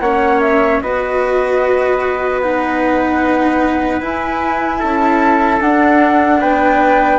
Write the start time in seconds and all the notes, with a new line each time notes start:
0.00 A#3 C#4 C#5 F#5
0.41 E5
0.81 B3 F#4 B4 D#5
2.42 D#4 F#5
4.01 E4 G#5
4.79 C#4 A4 A5
5.61 D4 F#5
6.41 B3 B4 G5